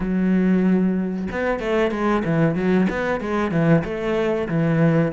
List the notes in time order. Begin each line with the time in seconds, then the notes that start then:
0.00 F#3
1.31 B3
1.59 A3
1.91 G#3
2.24 E3
2.55 F#3
2.89 B3
3.20 G#3
3.51 E3
3.84 A3
4.48 E3